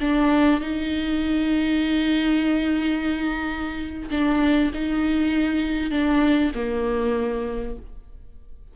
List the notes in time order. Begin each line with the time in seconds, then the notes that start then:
0.00 D4
0.60 D#4
4.10 D4
4.74 D#4
5.91 D4
6.55 A#3